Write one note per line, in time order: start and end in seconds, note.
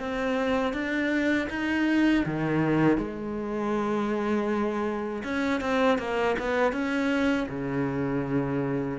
0.00 0.73 C4
0.73 1.48 D4
1.50 2.25 D#4
2.26 2.98 D#3
2.98 5.23 G#3
5.24 5.61 C#4
5.61 5.99 C4
5.99 6.36 A#3
6.39 6.73 B3
6.73 7.48 C#4
7.49 8.99 C#3